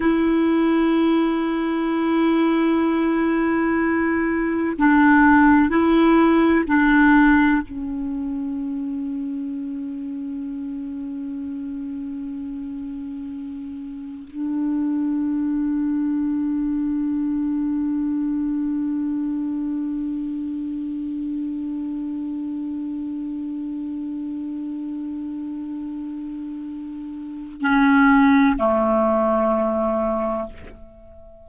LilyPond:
\new Staff \with { instrumentName = "clarinet" } { \time 4/4 \tempo 4 = 63 e'1~ | e'4 d'4 e'4 d'4 | cis'1~ | cis'2. d'4~ |
d'1~ | d'1~ | d'1~ | d'4 cis'4 a2 | }